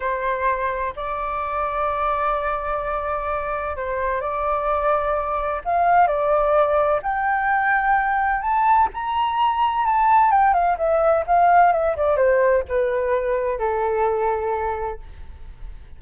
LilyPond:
\new Staff \with { instrumentName = "flute" } { \time 4/4 \tempo 4 = 128 c''2 d''2~ | d''1 | c''4 d''2. | f''4 d''2 g''4~ |
g''2 a''4 ais''4~ | ais''4 a''4 g''8 f''8 e''4 | f''4 e''8 d''8 c''4 b'4~ | b'4 a'2. | }